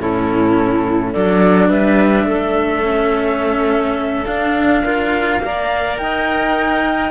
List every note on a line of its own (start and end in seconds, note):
0.00 1.14 A2
0.00 1.15 C#4
0.00 1.12 E4
0.00 1.13 A4
1.12 1.70 F#3
1.12 2.84 D4
1.12 1.69 A4
1.12 1.70 D5
1.69 2.25 G3
1.69 2.26 B4
1.69 4.26 E5
2.25 4.25 A3
2.25 4.84 A4
2.84 4.26 C#4
4.26 4.83 D4
4.26 5.40 D4
4.26 5.97 F5
4.84 5.43 F4
4.84 5.41 A#4
5.40 5.97 A#3
5.40 7.11 A#4
5.40 6.02 D5
5.98 7.11 D#4
5.98 7.11 D#5
5.98 7.11 G5